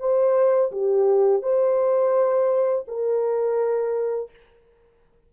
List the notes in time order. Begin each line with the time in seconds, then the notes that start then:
0.00 C5
0.72 G4
1.43 C5
2.88 A#4